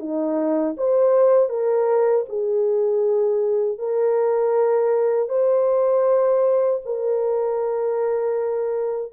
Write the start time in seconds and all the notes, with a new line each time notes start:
0.00 D#4
0.78 C5
1.49 A#4
2.29 G#4
3.79 A#4
5.29 C5
6.86 A#4